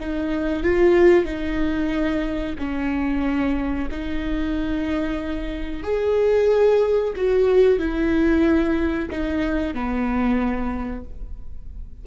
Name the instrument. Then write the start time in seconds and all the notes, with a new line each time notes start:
viola
0.00 D#4
0.63 F4
1.25 D#4
2.58 C#4
3.91 D#4
5.83 G#4
7.16 F#4
7.78 E4
9.10 D#4
9.74 B3